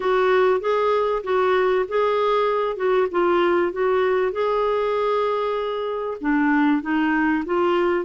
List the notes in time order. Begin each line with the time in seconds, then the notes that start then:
0.00 F#4
0.60 G#4
1.23 F#4
1.88 G#4
2.76 F#4
3.11 F4
3.72 F#4
4.32 G#4
6.20 D4
6.82 D#4
7.45 F4